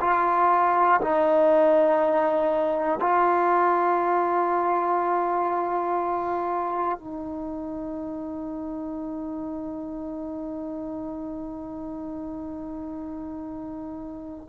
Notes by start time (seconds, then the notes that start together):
0.00 F4
1.01 D#4
3.00 F4
6.99 D#4